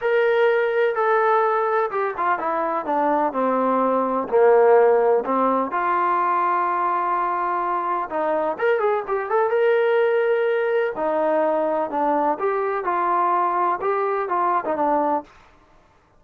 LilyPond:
\new Staff \with { instrumentName = "trombone" } { \time 4/4 \tempo 4 = 126 ais'2 a'2 | g'8 f'8 e'4 d'4 c'4~ | c'4 ais2 c'4 | f'1~ |
f'4 dis'4 ais'8 gis'8 g'8 a'8 | ais'2. dis'4~ | dis'4 d'4 g'4 f'4~ | f'4 g'4 f'8. dis'16 d'4 | }